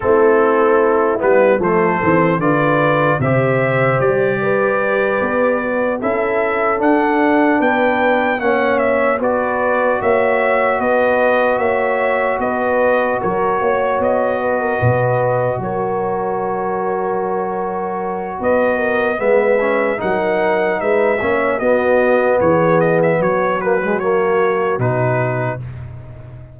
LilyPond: <<
  \new Staff \with { instrumentName = "trumpet" } { \time 4/4 \tempo 4 = 75 a'4. b'8 c''4 d''4 | e''4 d''2~ d''8 e''8~ | e''8 fis''4 g''4 fis''8 e''8 d''8~ | d''8 e''4 dis''4 e''4 dis''8~ |
dis''8 cis''4 dis''2 cis''8~ | cis''2. dis''4 | e''4 fis''4 e''4 dis''4 | cis''8 dis''16 e''16 cis''8 b'8 cis''4 b'4 | }
  \new Staff \with { instrumentName = "horn" } { \time 4/4 e'2 a'4 b'4 | c''4. b'2 a'8~ | a'4. b'4 cis''4 b'8~ | b'8 cis''4 b'4 cis''4 b'8~ |
b'8 ais'8 cis''4 b'16 ais'16 b'4 ais'8~ | ais'2. b'8 ais'8 | b'4 ais'4 b'8 cis''8 fis'4 | gis'4 fis'2. | }
  \new Staff \with { instrumentName = "trombone" } { \time 4/4 c'4. b8 a8 c'8 f'4 | g'2. fis'8 e'8~ | e'8 d'2 cis'4 fis'8~ | fis'1~ |
fis'1~ | fis'1 | b8 cis'8 dis'4. cis'8 b4~ | b4. ais16 gis16 ais4 dis'4 | }
  \new Staff \with { instrumentName = "tuba" } { \time 4/4 a4. g8 f8 e8 d4 | c4 g4. b4 cis'8~ | cis'8 d'4 b4 ais4 b8~ | b8 ais4 b4 ais4 b8~ |
b8 fis8 ais8 b4 b,4 fis8~ | fis2. b4 | gis4 fis4 gis8 ais8 b4 | e4 fis2 b,4 | }
>>